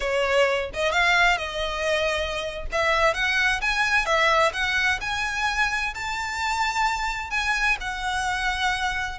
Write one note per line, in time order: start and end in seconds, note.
0.00 0.70 C#5
0.73 0.92 D#5
0.92 1.37 F5
1.37 2.65 D#5
2.71 3.14 E5
3.14 3.60 F#5
3.61 4.05 G#5
4.05 4.52 E5
4.53 4.99 F#5
5.01 5.94 G#5
5.94 7.30 A5
7.30 7.77 G#5
7.80 9.18 F#5